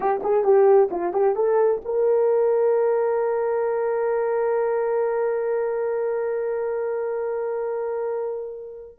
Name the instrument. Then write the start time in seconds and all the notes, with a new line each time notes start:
horn
0.00 G4
0.23 G#4
0.43 G4
0.90 F4
1.13 G4
1.35 A4
1.84 A#4